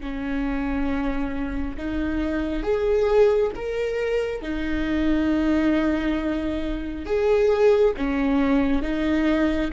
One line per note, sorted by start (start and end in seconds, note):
0.00 1.76 C#4
1.77 2.63 D#4
2.63 3.51 G#4
3.55 4.42 A#4
4.42 7.05 D#4
7.05 7.94 G#4
7.97 8.82 C#4
8.82 9.70 D#4